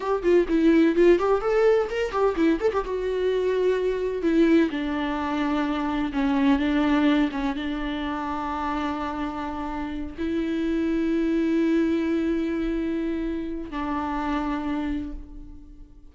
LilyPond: \new Staff \with { instrumentName = "viola" } { \time 4/4 \tempo 4 = 127 g'8 f'8 e'4 f'8 g'8 a'4 | ais'8 g'8 e'8 a'16 g'16 fis'2~ | fis'4 e'4 d'2~ | d'4 cis'4 d'4. cis'8 |
d'1~ | d'4. e'2~ e'8~ | e'1~ | e'4 d'2. | }